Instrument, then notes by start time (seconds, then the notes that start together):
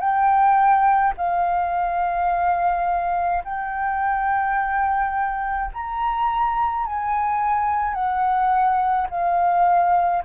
flute
0.00 G5
1.17 F5
3.44 G5
5.74 A#5
6.86 G#5
7.94 F#5
9.10 F5